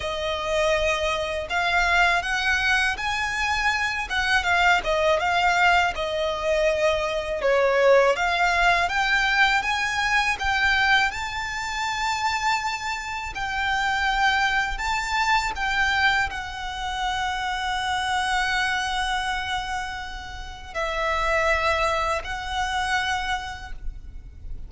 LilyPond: \new Staff \with { instrumentName = "violin" } { \time 4/4 \tempo 4 = 81 dis''2 f''4 fis''4 | gis''4. fis''8 f''8 dis''8 f''4 | dis''2 cis''4 f''4 | g''4 gis''4 g''4 a''4~ |
a''2 g''2 | a''4 g''4 fis''2~ | fis''1 | e''2 fis''2 | }